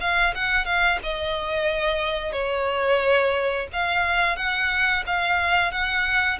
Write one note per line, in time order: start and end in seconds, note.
0.00 0.34 F5
0.35 0.65 F#5
0.65 0.99 F5
1.03 2.32 D#5
2.32 3.67 C#5
3.73 4.36 F5
4.36 5.03 F#5
5.06 5.71 F5
5.71 6.39 F#5